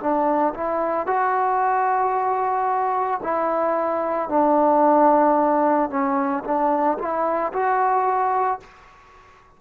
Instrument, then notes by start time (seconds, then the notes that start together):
trombone
0.00 D4
0.54 E4
1.07 F#4
3.23 E4
4.30 D4
5.90 C#4
6.44 D4
6.99 E4
7.53 F#4